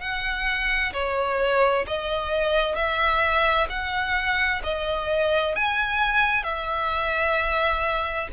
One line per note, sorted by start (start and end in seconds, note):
0.00 0.92 F#5
0.93 1.85 C#5
1.87 2.75 D#5
2.75 3.67 E5
3.69 4.62 F#5
4.63 5.55 D#5
5.55 6.43 G#5
6.43 8.28 E5